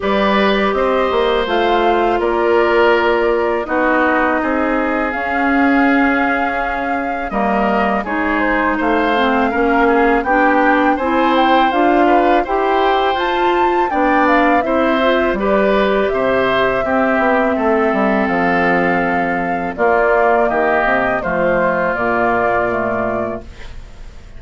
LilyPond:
<<
  \new Staff \with { instrumentName = "flute" } { \time 4/4 \tempo 4 = 82 d''4 dis''4 f''4 d''4~ | d''4 dis''2 f''4~ | f''2 dis''4 cis''8 c''8 | f''2 g''4 gis''8 g''8 |
f''4 g''4 a''4 g''8 f''8 | e''4 d''4 e''2~ | e''4 f''2 d''4 | dis''4 c''4 d''2 | }
  \new Staff \with { instrumentName = "oboe" } { \time 4/4 b'4 c''2 ais'4~ | ais'4 fis'4 gis'2~ | gis'2 ais'4 gis'4 | c''4 ais'8 gis'8 g'4 c''4~ |
c''8 b'8 c''2 d''4 | c''4 b'4 c''4 g'4 | a'2. f'4 | g'4 f'2. | }
  \new Staff \with { instrumentName = "clarinet" } { \time 4/4 g'2 f'2~ | f'4 dis'2 cis'4~ | cis'2 ais4 dis'4~ | dis'8 c'8 cis'4 d'4 e'4 |
f'4 g'4 f'4 d'4 | e'8 f'8 g'2 c'4~ | c'2. ais4~ | ais4 a4 ais4 a4 | }
  \new Staff \with { instrumentName = "bassoon" } { \time 4/4 g4 c'8 ais8 a4 ais4~ | ais4 b4 c'4 cis'4~ | cis'2 g4 gis4 | a4 ais4 b4 c'4 |
d'4 e'4 f'4 b4 | c'4 g4 c4 c'8 b8 | a8 g8 f2 ais4 | dis8 c8 f4 ais,2 | }
>>